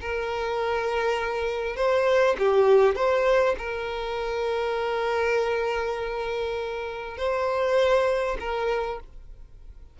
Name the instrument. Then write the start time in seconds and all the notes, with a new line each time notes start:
violin
0.00 A#4
1.76 C5
2.38 G4
2.95 C5
3.58 A#4
7.17 C5
8.39 A#4